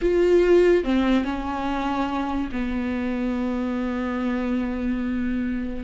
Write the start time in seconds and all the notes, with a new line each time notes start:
0.01 F4
0.84 C4
1.24 C#4
2.52 B3